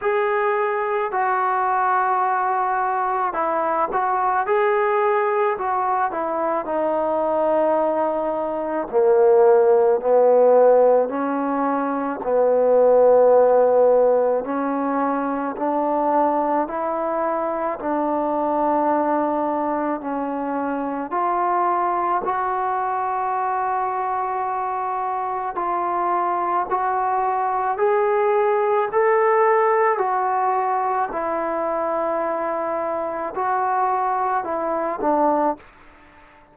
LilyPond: \new Staff \with { instrumentName = "trombone" } { \time 4/4 \tempo 4 = 54 gis'4 fis'2 e'8 fis'8 | gis'4 fis'8 e'8 dis'2 | ais4 b4 cis'4 b4~ | b4 cis'4 d'4 e'4 |
d'2 cis'4 f'4 | fis'2. f'4 | fis'4 gis'4 a'4 fis'4 | e'2 fis'4 e'8 d'8 | }